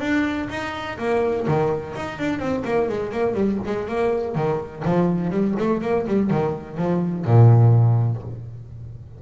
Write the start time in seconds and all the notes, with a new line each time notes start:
0.00 D4
0.50 D#4
0.99 A#3
1.48 D#3
1.96 D#4
2.19 D4
2.39 C4
2.65 A#3
2.89 G#3
3.12 A#3
3.34 G3
3.66 G#3
3.88 A#3
4.35 D#3
4.85 F3
5.30 G3
5.59 A3
5.82 A#3
6.07 G3
6.30 D#3
6.77 F3
7.25 A#2